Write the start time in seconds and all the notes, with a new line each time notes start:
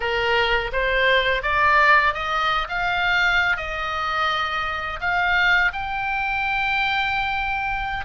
0.00 A#4
0.72 C5
1.42 D5
2.14 D#5
2.69 F5
3.56 D#5
5.00 F5
5.72 G5